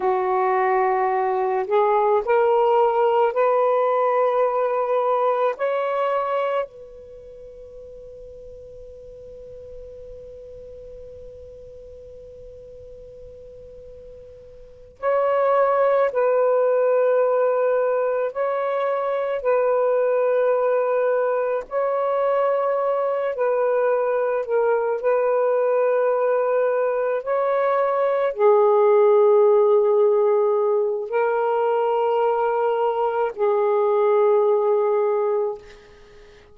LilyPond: \new Staff \with { instrumentName = "saxophone" } { \time 4/4 \tempo 4 = 54 fis'4. gis'8 ais'4 b'4~ | b'4 cis''4 b'2~ | b'1~ | b'4. cis''4 b'4.~ |
b'8 cis''4 b'2 cis''8~ | cis''4 b'4 ais'8 b'4.~ | b'8 cis''4 gis'2~ gis'8 | ais'2 gis'2 | }